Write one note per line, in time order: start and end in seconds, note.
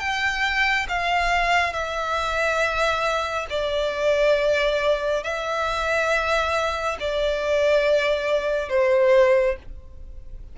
0.00 0.87 G5
0.89 1.74 F5
1.74 3.47 E5
3.50 5.24 D5
5.24 6.98 E5
7.00 8.70 D5
8.70 9.57 C5